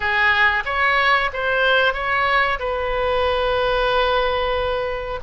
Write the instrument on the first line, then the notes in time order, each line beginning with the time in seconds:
oboe
0.00 G#4
0.65 C#5
1.33 C5
1.93 C#5
2.59 B4